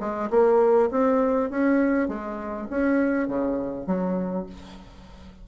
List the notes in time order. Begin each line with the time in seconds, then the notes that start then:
0.00 G#3
0.31 A#3
0.91 C4
1.51 C#4
2.08 G#3
2.70 C#4
3.28 C#3
3.87 F#3